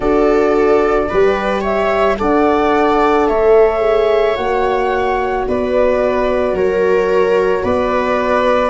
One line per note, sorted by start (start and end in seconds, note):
0.00 1.08 D4
0.00 1.09 F#4
0.00 1.09 A4
0.00 1.62 D5
1.09 2.20 G3
1.09 2.17 G4
1.09 1.60 B4
1.60 2.15 C#5
1.60 2.17 E5
2.17 3.29 D4
2.17 3.79 A4
2.17 3.28 D5
2.17 3.27 F#5
3.27 4.37 A3
3.27 5.47 C#5
3.27 4.36 E5
3.79 4.34 G#4
4.35 5.46 A#3
4.35 8.70 F#4
4.35 5.45 F#5
5.47 6.52 B3
5.47 6.55 B4
5.47 6.56 D5
6.52 7.62 F#3
6.52 7.63 A#4
6.52 7.64 C#5
7.63 8.70 B3
7.63 8.70 B4
7.63 8.70 D5